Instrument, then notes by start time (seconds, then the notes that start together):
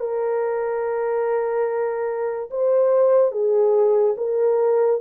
horn
0.00 A#4
2.51 C5
3.32 G#4
4.17 A#4